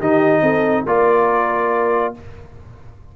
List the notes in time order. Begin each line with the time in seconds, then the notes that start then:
0.00 D#3 D#4 G4 D#5
0.42 C4 A4
0.87 A#3 F4 A#4 D5